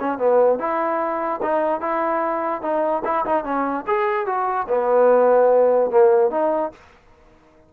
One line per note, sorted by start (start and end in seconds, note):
0.00 0.19 C#4
0.19 0.59 B3
0.59 1.41 E4
1.42 1.81 D#4
1.81 2.62 E4
2.62 3.03 D#4
3.05 3.25 E4
3.25 3.44 D#4
3.44 3.85 C#4
3.87 4.26 G#4
4.26 4.67 F#4
4.68 5.91 B3
5.91 6.31 A#3
6.31 6.72 D#4